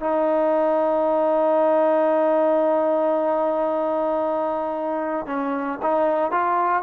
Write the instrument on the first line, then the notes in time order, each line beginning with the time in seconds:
trombone
0.00 D#4
5.26 C#4
5.82 D#4
6.31 F4